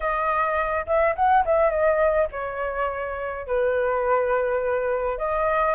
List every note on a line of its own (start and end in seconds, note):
0.00 0.85 D#5
0.86 1.15 E5
1.15 1.44 F#5
1.45 1.70 E5
1.70 2.27 D#5
2.31 3.46 C#5
3.46 5.18 B4
5.18 5.74 D#5